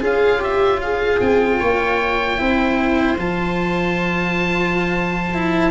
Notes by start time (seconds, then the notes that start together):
0.00 C#4 F4 G#4 F5
0.39 G4 E5
0.80 G#4 F5
1.20 C4 G5
1.59 A#3 C#5
2.38 C4 E4 C5
3.17 F3 F4 A5
5.34 E4